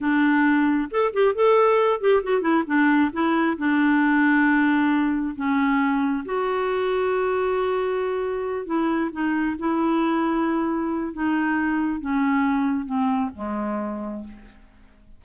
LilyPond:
\new Staff \with { instrumentName = "clarinet" } { \time 4/4 \tempo 4 = 135 d'2 a'8 g'8 a'4~ | a'8 g'8 fis'8 e'8 d'4 e'4 | d'1 | cis'2 fis'2~ |
fis'2.~ fis'8 e'8~ | e'8 dis'4 e'2~ e'8~ | e'4 dis'2 cis'4~ | cis'4 c'4 gis2 | }